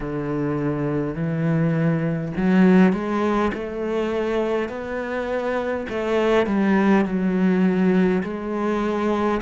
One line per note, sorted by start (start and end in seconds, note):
0.00 1.14 D3
1.14 2.32 E3
2.36 2.93 F#3
2.93 3.51 G#3
3.53 4.68 A3
4.68 5.86 B3
5.89 6.46 A3
6.46 7.05 G3
7.05 8.22 F#3
8.23 9.41 G#3